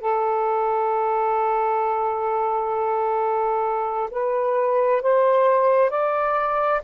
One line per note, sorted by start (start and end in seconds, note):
0.00 4.09 A4
4.11 5.02 B4
5.02 5.90 C5
5.90 6.81 D5